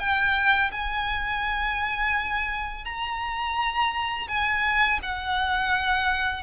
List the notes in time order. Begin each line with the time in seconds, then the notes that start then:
0.00 G5
0.72 G#5
2.85 A#5
4.29 G#5
5.03 F#5